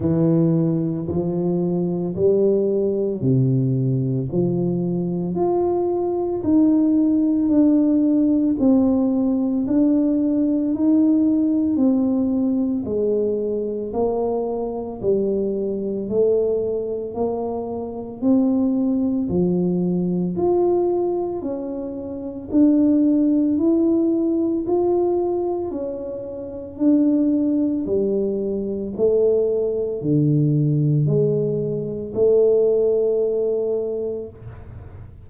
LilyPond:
\new Staff \with { instrumentName = "tuba" } { \time 4/4 \tempo 4 = 56 e4 f4 g4 c4 | f4 f'4 dis'4 d'4 | c'4 d'4 dis'4 c'4 | gis4 ais4 g4 a4 |
ais4 c'4 f4 f'4 | cis'4 d'4 e'4 f'4 | cis'4 d'4 g4 a4 | d4 gis4 a2 | }